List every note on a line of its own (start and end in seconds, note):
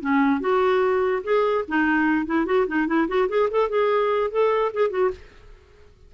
0.00 0.40 C#4
0.40 1.22 F#4
1.23 1.65 G#4
1.68 2.26 D#4
2.26 2.45 E4
2.45 2.66 F#4
2.67 2.87 D#4
2.87 3.07 E4
3.08 3.28 F#4
3.28 3.49 G#4
3.51 3.69 A4
3.69 4.30 G#4
4.30 4.71 A4
4.73 4.90 G#4
4.90 5.10 F#4